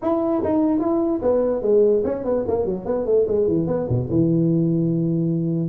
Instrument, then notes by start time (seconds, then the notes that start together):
tuba
0.02 E4
0.43 D#4
0.79 E4
1.22 B3
1.61 G#3
2.04 C#4
2.24 B3
2.47 A#3
2.65 F#3
2.85 B3
3.05 A3
3.27 G#3
3.47 E3
3.67 B3
3.88 B2
4.09 E3